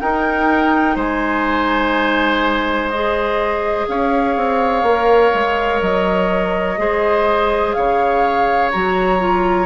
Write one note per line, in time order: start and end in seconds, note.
0.00 2.91 D#4
0.00 0.96 D#4
0.00 0.95 A#4
0.00 0.97 G5
0.95 3.86 G#3
0.95 3.86 C5
0.95 2.90 G#5
2.90 4.87 G#4
2.90 3.86 D#5
3.88 4.36 C#4
3.88 6.80 C#5
3.88 5.82 F5
4.36 4.83 C4
4.83 5.31 A#3
4.83 6.77 A#4
5.34 5.81 G#3
5.81 6.78 F#3
5.81 7.73 D#5
6.77 7.75 G#3
6.77 8.71 G#4
6.77 7.76 C5
7.73 8.73 C#3
7.73 9.66 C#5
7.73 8.70 F5
8.71 9.66 F#3
8.71 9.19 F#4
8.71 9.66 A#5
9.19 9.66 F4